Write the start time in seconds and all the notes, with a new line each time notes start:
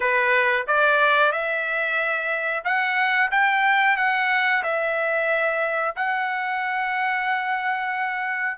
0.00 B4
0.67 D5
1.32 E5
2.64 F#5
3.31 G5
3.97 F#5
4.63 E5
5.96 F#5